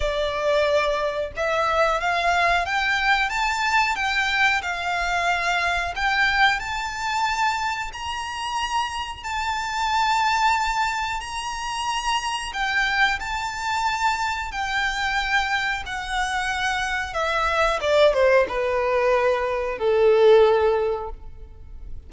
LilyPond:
\new Staff \with { instrumentName = "violin" } { \time 4/4 \tempo 4 = 91 d''2 e''4 f''4 | g''4 a''4 g''4 f''4~ | f''4 g''4 a''2 | ais''2 a''2~ |
a''4 ais''2 g''4 | a''2 g''2 | fis''2 e''4 d''8 c''8 | b'2 a'2 | }